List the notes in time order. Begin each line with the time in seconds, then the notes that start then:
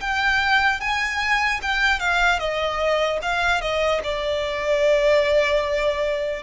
0.00 G5
0.80 G#5
1.62 G5
1.99 F5
2.39 D#5
3.21 F5
3.61 D#5
4.03 D5